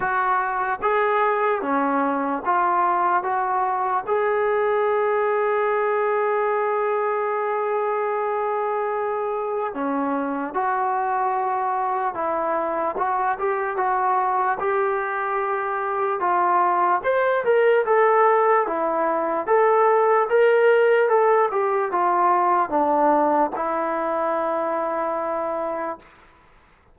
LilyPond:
\new Staff \with { instrumentName = "trombone" } { \time 4/4 \tempo 4 = 74 fis'4 gis'4 cis'4 f'4 | fis'4 gis'2.~ | gis'1 | cis'4 fis'2 e'4 |
fis'8 g'8 fis'4 g'2 | f'4 c''8 ais'8 a'4 e'4 | a'4 ais'4 a'8 g'8 f'4 | d'4 e'2. | }